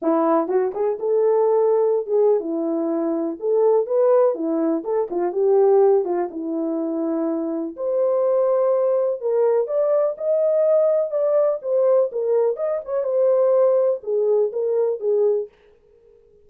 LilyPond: \new Staff \with { instrumentName = "horn" } { \time 4/4 \tempo 4 = 124 e'4 fis'8 gis'8 a'2~ | a'16 gis'8. e'2 a'4 | b'4 e'4 a'8 f'8 g'4~ | g'8 f'8 e'2. |
c''2. ais'4 | d''4 dis''2 d''4 | c''4 ais'4 dis''8 cis''8 c''4~ | c''4 gis'4 ais'4 gis'4 | }